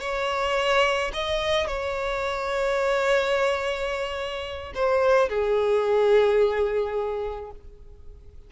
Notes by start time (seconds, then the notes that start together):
0.00 C#5
1.13 D#5
1.67 C#5
4.74 C5
5.29 G#4